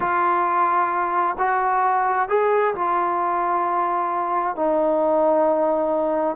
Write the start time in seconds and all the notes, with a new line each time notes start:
0.00 F4
1.38 F#4
2.29 G#4
2.74 F4
4.55 D#4